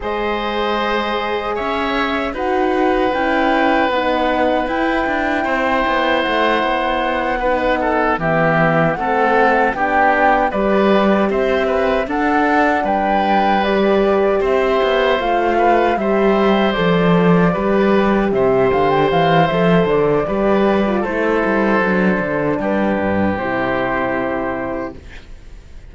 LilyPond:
<<
  \new Staff \with { instrumentName = "flute" } { \time 4/4 \tempo 4 = 77 dis''2 e''4 fis''4 | g''4 fis''4 g''2 | fis''2~ fis''8 e''4 fis''8~ | fis''8 g''4 d''4 e''4 fis''8~ |
fis''8 g''4 d''4 e''4 f''8~ | f''8 e''4 d''2 e''8 | f''16 g''16 f''8 e''8 d''4. c''4~ | c''4 b'4 c''2 | }
  \new Staff \with { instrumentName = "oboe" } { \time 4/4 c''2 cis''4 b'4~ | b'2. c''4~ | c''4. b'8 a'8 g'4 a'8~ | a'8 g'4 b'4 c''8 b'8 a'8~ |
a'8 b'2 c''4. | b'8 c''2 b'4 c''8~ | c''2 b'4 a'4~ | a'4 g'2. | }
  \new Staff \with { instrumentName = "horn" } { \time 4/4 gis'2. fis'4 | e'4 dis'4 e'2~ | e'4. dis'4 b4 c'8~ | c'8 d'4 g'2 d'8~ |
d'4. g'2 f'8~ | f'8 g'4 a'4 g'4.~ | g'4 a'4 g'8. f'16 e'4 | d'2 e'2 | }
  \new Staff \with { instrumentName = "cello" } { \time 4/4 gis2 cis'4 dis'4 | cis'4 b4 e'8 d'8 c'8 b8 | a8 b2 e4 a8~ | a8 b4 g4 c'4 d'8~ |
d'8 g2 c'8 b8 a8~ | a8 g4 f4 g4 c8 | d8 e8 f8 d8 g4 a8 g8 | fis8 d8 g8 g,8 c2 | }
>>